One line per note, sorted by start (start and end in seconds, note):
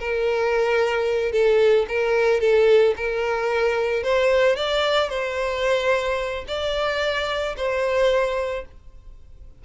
0.00 1.32 A#4
1.32 1.86 A4
1.89 2.41 A#4
2.41 2.95 A4
2.97 4.04 A#4
4.04 4.57 C5
4.57 5.10 D5
5.10 6.45 C5
6.48 7.56 D5
7.57 8.65 C5